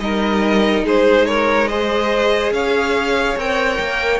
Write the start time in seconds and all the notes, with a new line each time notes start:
0.00 G3 D#4 A#4 D#5
0.84 G#3 G#4 C5
1.26 A#4 C#5
1.68 G#4 C5 D#5
2.51 C#4 C#5 F5
3.36 C4 A#4 G5
3.79 A#3